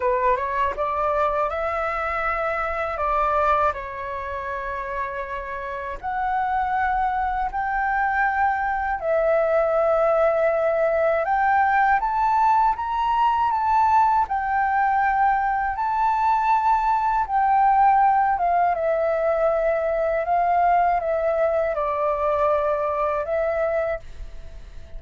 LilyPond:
\new Staff \with { instrumentName = "flute" } { \time 4/4 \tempo 4 = 80 b'8 cis''8 d''4 e''2 | d''4 cis''2. | fis''2 g''2 | e''2. g''4 |
a''4 ais''4 a''4 g''4~ | g''4 a''2 g''4~ | g''8 f''8 e''2 f''4 | e''4 d''2 e''4 | }